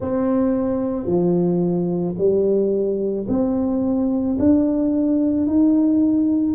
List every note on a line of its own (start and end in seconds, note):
0.00 1.06 C4
1.06 2.15 F3
2.18 3.27 G3
3.28 4.37 C4
4.39 5.46 D4
5.46 6.55 D#4